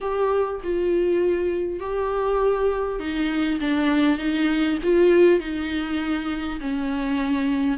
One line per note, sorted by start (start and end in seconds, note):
0.01 0.61 G4
0.63 1.79 F4
1.79 2.99 G4
2.99 3.59 D#4
3.60 4.18 D4
4.18 4.78 D#4
4.83 5.39 F4
5.39 6.59 D#4
6.60 7.78 C#4